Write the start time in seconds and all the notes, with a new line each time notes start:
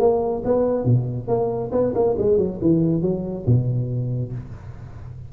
0.00 A#3
0.45 B3
0.85 B2
1.28 A#3
1.72 B3
1.95 A#3
2.18 G#3
2.38 F#3
2.62 E3
3.02 F#3
3.47 B2